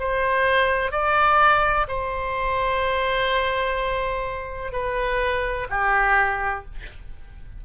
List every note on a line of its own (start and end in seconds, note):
0.00 0.92 C5
0.92 1.87 D5
1.88 4.72 C5
4.72 5.68 B4
5.70 6.65 G4